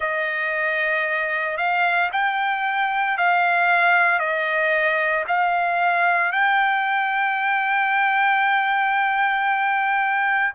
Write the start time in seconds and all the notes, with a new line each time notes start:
0.00 D#5
1.57 F5
2.12 G5
3.17 F5
4.19 D#5
5.27 F5
6.32 G5